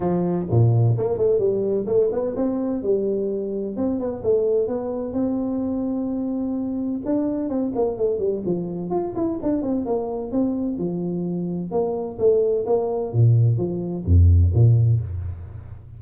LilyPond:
\new Staff \with { instrumentName = "tuba" } { \time 4/4 \tempo 4 = 128 f4 ais,4 ais8 a8 g4 | a8 b8 c'4 g2 | c'8 b8 a4 b4 c'4~ | c'2. d'4 |
c'8 ais8 a8 g8 f4 f'8 e'8 | d'8 c'8 ais4 c'4 f4~ | f4 ais4 a4 ais4 | ais,4 f4 f,4 ais,4 | }